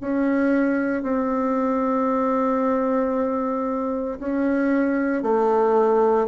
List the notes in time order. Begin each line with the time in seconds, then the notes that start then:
0.00 C#4
1.02 C4
4.19 C#4
5.22 A3